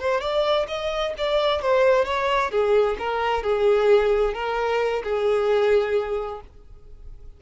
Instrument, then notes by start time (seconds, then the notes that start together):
violin
0.00 C5
0.21 D5
0.68 D#5
1.18 D5
1.62 C5
2.05 C#5
2.51 G#4
2.99 A#4
3.43 G#4
4.34 A#4
5.04 G#4